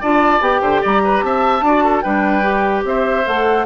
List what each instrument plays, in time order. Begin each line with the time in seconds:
0.00 bassoon D4, clarinet F4, oboe D5, flute A5
0.40 bassoon B3, clarinet G4, flute G5
0.61 bassoon D3, oboe C5
0.81 bassoon G3, oboe D5, flute A#5
1.04 oboe B4
1.23 bassoon C4, oboe E5, flute A5
1.61 bassoon D4, clarinet F#4, oboe D5
1.84 oboe A4
2.01 bassoon G3, clarinet D4, oboe B4, flute G5
2.42 clarinet G4
2.84 bassoon C4, oboe C5, flute E5
3.24 bassoon A3, clarinet A4, flute F#5